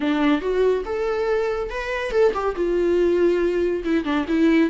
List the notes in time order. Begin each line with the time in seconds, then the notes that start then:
0.00 D4
0.41 F#4
0.85 A4
1.70 B4
2.11 A4
2.34 G4
2.55 F4
3.84 E4
4.04 D4
4.28 E4